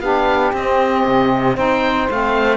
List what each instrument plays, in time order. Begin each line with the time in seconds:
0.00 cello B3, saxophone D4 G4, oboe F5
0.53 cello C4, saxophone C4, oboe D#5
1.05 cello C3
1.55 cello C4, saxophone D#4 C5, oboe G5
2.11 cello A3, saxophone C4, oboe F5